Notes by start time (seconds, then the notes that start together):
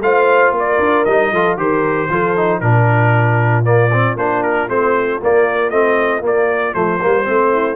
0.00 A3 F4 C5 F5
0.52 A#3 A#4
0.59 D5
0.79 D4
1.05 G3 D#4 D#5
1.32 F3 F4 A4
1.57 D#3 G4 A#4 C5
2.09 F3 F4 A4
2.36 D#4
2.60 A#2 D4 F4 A#4
3.64 A#3 D5
3.92 C4
4.16 A#3 D4 C5
4.43 A#4
4.68 A3 C4 C5
5.22 A#3 D5
5.70 A3 C4 D#5
6.21 A#3 D5
6.73 F3 A3 C5
7.01 G3 A#3
7.24 A3 C4
7.51 E4